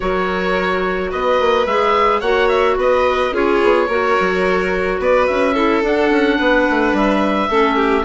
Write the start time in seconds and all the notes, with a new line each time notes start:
0.00 F#3 F#4 A#4 C#5
1.10 B3 B4 D#5
1.39 A#3
1.66 G#3 G#4 E5
2.19 A#3 F#4 C#5 F#5
2.48 E5
2.76 B3 B4 D#5
3.31 C#4 F4 G#4 C#5
3.63 B3
3.86 A#3 F#4 A#4
4.19 F#3
4.99 B3 B4 D5
5.26 C#4 E5
5.53 E4 A4
5.82 D4 F#5
6.10 C#4
6.38 B3 B4
6.69 A3
6.93 G3 E5
7.49 A3 C#4 A4
7.75 G4